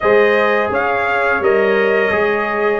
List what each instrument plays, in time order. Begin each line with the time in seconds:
0.00 tuba G#3, trombone G#4, horn C5, trumpet D#5
0.70 tuba C#4, horn C#5, trumpet F5
1.39 tuba G3, trombone A#4, trumpet D#5
2.11 tuba G#3, trombone G#4